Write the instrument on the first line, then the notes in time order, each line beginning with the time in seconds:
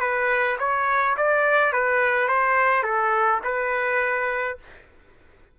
trumpet
0.00 B4
0.59 C#5
1.17 D5
1.73 B4
2.29 C5
2.83 A4
3.44 B4